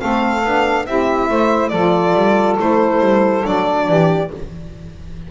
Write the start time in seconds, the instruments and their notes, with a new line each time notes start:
0.00 double bass A3, saxophone C4 A4, violin F5
0.44 double bass B3, saxophone D4
0.86 double bass C4, saxophone E4 G4, violin E5
1.30 double bass A3, saxophone C5
1.69 double bass F3, saxophone A4, violin D5
1.75 saxophone F4
2.14 double bass G3
2.57 double bass A3, saxophone E4, violin C5
3.01 double bass G3
3.42 double bass F#3, saxophone D4, violin D5
3.88 double bass E3, saxophone G4